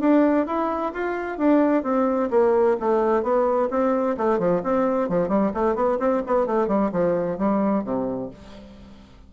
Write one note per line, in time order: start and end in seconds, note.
0.00 0.46 D4
0.46 0.92 E4
0.93 1.38 F4
1.38 1.83 D4
1.83 2.29 C4
2.30 2.77 A#3
2.80 3.23 A3
3.23 3.69 B3
3.70 4.16 C4
4.17 4.39 A3
4.39 4.62 F3
4.63 5.09 C4
5.09 5.28 F3
5.28 5.52 G3
5.54 5.75 A3
5.75 5.98 B3
5.99 6.22 C4
6.26 6.46 B3
6.46 6.67 A3
6.67 6.90 G3
6.92 7.38 F3
7.38 7.84 G3
7.84 8.30 C3